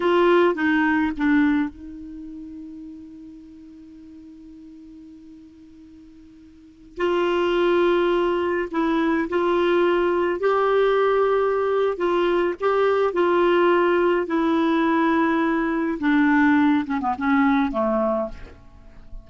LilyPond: \new Staff \with { instrumentName = "clarinet" } { \time 4/4 \tempo 4 = 105 f'4 dis'4 d'4 dis'4~ | dis'1~ | dis'1~ | dis'16 f'2. e'8.~ |
e'16 f'2 g'4.~ g'16~ | g'4 f'4 g'4 f'4~ | f'4 e'2. | d'4. cis'16 b16 cis'4 a4 | }